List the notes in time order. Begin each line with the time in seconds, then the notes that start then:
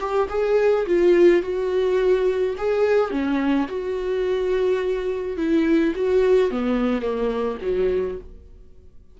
0.00 G4
0.29 G#4
0.86 F4
1.42 F#4
2.57 G#4
3.11 C#4
3.68 F#4
5.37 E4
5.95 F#4
6.50 B3
7.01 A#3
7.61 F#3